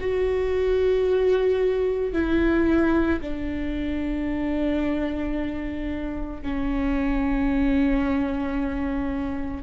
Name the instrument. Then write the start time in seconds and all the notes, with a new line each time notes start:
viola
0.00 F#4
2.12 E4
3.21 D4
6.42 C#4